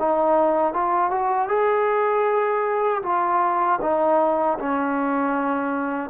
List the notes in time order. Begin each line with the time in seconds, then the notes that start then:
0.00 D#4
0.74 F4
1.11 F#4
1.49 G#4
3.03 F4
3.82 D#4
4.59 C#4